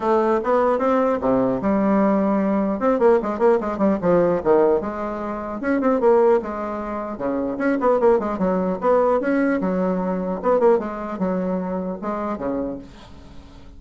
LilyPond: \new Staff \with { instrumentName = "bassoon" } { \time 4/4 \tempo 4 = 150 a4 b4 c'4 c4 | g2. c'8 ais8 | gis8 ais8 gis8 g8 f4 dis4 | gis2 cis'8 c'8 ais4 |
gis2 cis4 cis'8 b8 | ais8 gis8 fis4 b4 cis'4 | fis2 b8 ais8 gis4 | fis2 gis4 cis4 | }